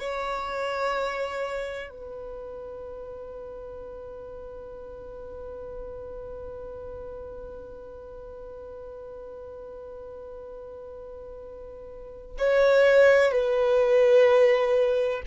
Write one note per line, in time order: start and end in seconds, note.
0.00 1.90 C#5
1.90 12.38 B4
12.39 13.32 C#5
13.32 15.22 B4